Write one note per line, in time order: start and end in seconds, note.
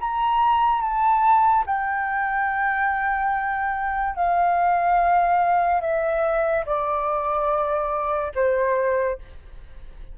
0.00 0.81 A#5
0.81 1.64 A5
1.66 4.16 G5
4.16 5.81 F5
5.81 6.64 E5
6.66 8.32 D5
8.34 9.18 C5